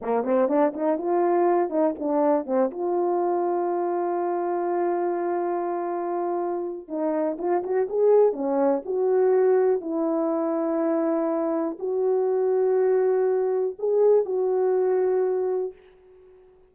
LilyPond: \new Staff \with { instrumentName = "horn" } { \time 4/4 \tempo 4 = 122 ais8 c'8 d'8 dis'8 f'4. dis'8 | d'4 c'8 f'2~ f'8~ | f'1~ | f'2 dis'4 f'8 fis'8 |
gis'4 cis'4 fis'2 | e'1 | fis'1 | gis'4 fis'2. | }